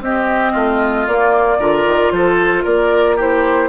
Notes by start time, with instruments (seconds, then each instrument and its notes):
0.00 bassoon C4, clarinet C4, oboe G4, flute D#5
0.52 bassoon A3, oboe F4
1.07 bassoon A#3, clarinet A#3, flute D5
1.58 bassoon D3, clarinet F4, oboe A#4
1.85 bassoon D#3
2.11 bassoon F3, oboe A4, flute C5
2.63 bassoon A#3, oboe A#4, flute D5
3.16 clarinet E4, oboe G4, flute C5